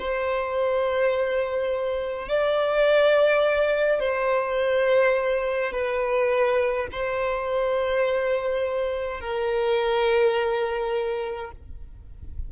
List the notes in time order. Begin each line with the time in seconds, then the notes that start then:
0.00 C5
2.29 D5
4.00 C5
5.72 B4
6.92 C5
9.21 A#4